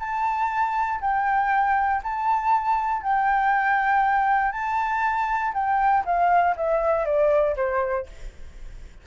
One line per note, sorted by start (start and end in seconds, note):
0.00 1.01 A5
1.01 2.02 G5
2.04 3.03 A5
3.03 4.52 G5
4.52 5.53 A5
5.54 6.04 G5
6.06 6.56 F5
6.57 7.06 E5
7.06 7.56 D5
7.56 8.07 C5